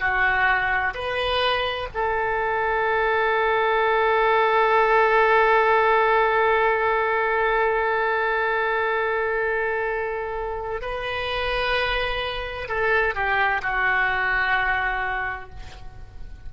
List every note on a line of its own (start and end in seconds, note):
0.00 0.94 F#4
0.94 1.88 B4
1.94 10.81 A4
10.81 12.68 B4
12.68 13.15 A4
13.15 13.62 G4
13.62 15.50 F#4